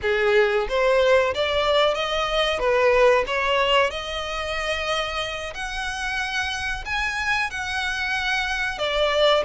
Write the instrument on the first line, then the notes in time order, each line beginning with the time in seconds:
violin
0.01 G#4
0.68 C5
1.34 D5
1.94 D#5
2.59 B4
3.26 C#5
3.90 D#5
5.53 F#5
6.85 G#5
7.50 F#5
8.78 D5